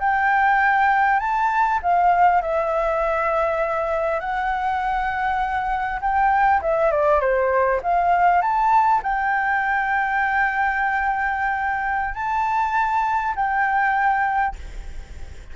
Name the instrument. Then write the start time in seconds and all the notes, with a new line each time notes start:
flute
0.00 G5
1.20 A5
1.83 F5
2.42 E5
4.21 F#5
6.01 G5
6.62 E5
6.92 D5
7.21 C5
7.83 F5
8.42 A5
9.03 G5
12.15 A5
13.36 G5